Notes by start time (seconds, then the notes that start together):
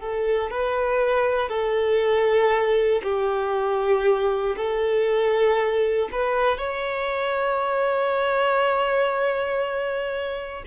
0.00 A4
0.50 B4
1.49 A4
3.03 G4
4.56 A4
6.12 B4
6.57 C#5